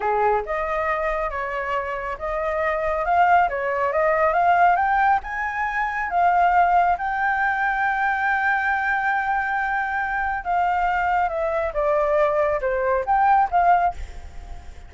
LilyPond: \new Staff \with { instrumentName = "flute" } { \time 4/4 \tempo 4 = 138 gis'4 dis''2 cis''4~ | cis''4 dis''2 f''4 | cis''4 dis''4 f''4 g''4 | gis''2 f''2 |
g''1~ | g''1 | f''2 e''4 d''4~ | d''4 c''4 g''4 f''4 | }